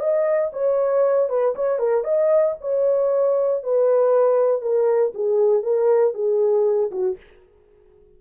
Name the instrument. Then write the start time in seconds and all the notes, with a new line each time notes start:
horn
0.00 D#5
0.53 C#5
1.29 B4
1.56 C#5
1.79 A#4
2.04 D#5
2.61 C#5
3.64 B4
4.62 A#4
5.15 G#4
5.63 A#4
6.14 G#4
6.92 F#4